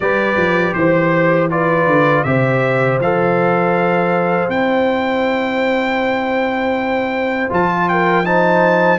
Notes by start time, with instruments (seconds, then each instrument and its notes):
0.00 tuba G3, trombone G4, horn B4, trumpet D5
0.36 tuba F3
0.73 tuba E3, trumpet C5, horn C5
1.50 trombone F4, horn B4, trumpet D5
1.86 tuba D3
2.23 tuba C3, trombone G4, horn C5, trumpet E5
2.99 tuba F3, trombone A4, trumpet F5
4.48 tuba C4, trombone E4, trumpet G5
7.49 tuba F3, trombone F4, trumpet A5
7.88 horn A#4, trumpet G5
8.25 trombone D#4, horn C5, trumpet A5